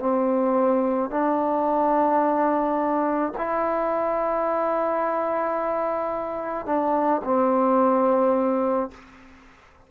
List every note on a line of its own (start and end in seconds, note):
0.00 1.11 C4
1.11 3.33 D4
3.38 6.66 E4
6.66 7.22 D4
7.24 8.91 C4